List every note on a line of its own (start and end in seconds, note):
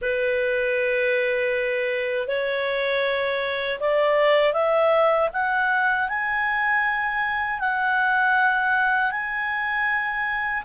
0.01 2.27 B4
2.27 3.79 C#5
3.80 4.53 D5
4.53 5.29 E5
5.32 6.08 F#5
6.08 7.59 G#5
7.59 9.11 F#5
9.11 10.63 G#5